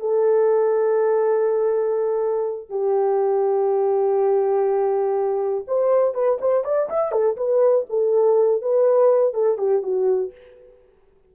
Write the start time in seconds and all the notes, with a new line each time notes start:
0.00 A4
2.70 G4
5.67 C5
6.14 B4
6.41 C5
6.64 D5
6.90 E5
7.12 A4
7.37 B4
7.89 A4
8.62 B4
9.34 A4
9.58 G4
9.82 F#4